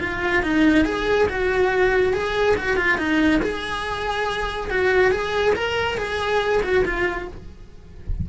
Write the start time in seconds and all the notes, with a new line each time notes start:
0.00 F4
0.42 D#4
0.85 G#4
1.28 F#4
2.13 G#4
2.56 F#4
2.76 F4
2.98 D#4
3.42 G#4
4.70 F#4
5.11 G#4
5.55 A#4
5.97 G#4
6.63 F#4
6.85 F4